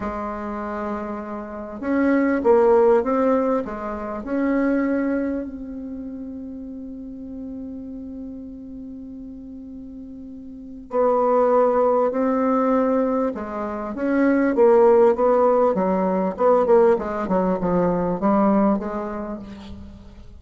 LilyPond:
\new Staff \with { instrumentName = "bassoon" } { \time 4/4 \tempo 4 = 99 gis2. cis'4 | ais4 c'4 gis4 cis'4~ | cis'4 c'2.~ | c'1~ |
c'2 b2 | c'2 gis4 cis'4 | ais4 b4 fis4 b8 ais8 | gis8 fis8 f4 g4 gis4 | }